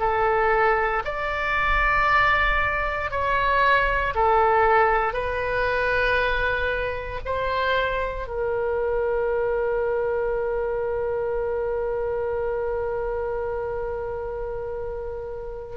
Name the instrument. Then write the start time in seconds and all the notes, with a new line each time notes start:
oboe
0.00 A4
1.05 D5
3.11 C#5
4.15 A4
5.13 B4
7.26 C5
8.28 A#4